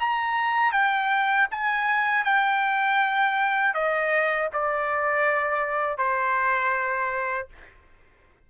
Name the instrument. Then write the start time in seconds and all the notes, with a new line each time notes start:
trumpet
0.00 A#5
0.73 G5
1.51 G#5
2.25 G5
3.74 D#5
4.53 D5
5.98 C5